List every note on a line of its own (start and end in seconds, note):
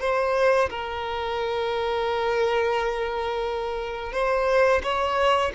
0.00 0.69 C5
0.69 4.13 A#4
4.13 4.82 C5
4.83 5.52 C#5